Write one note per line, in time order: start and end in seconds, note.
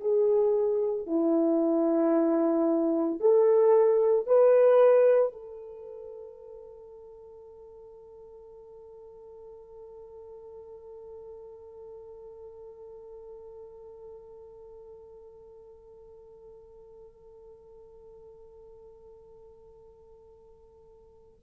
0.00 1.07 G#4
1.07 3.20 E4
3.20 4.27 A4
4.27 5.33 B4
5.33 21.40 A4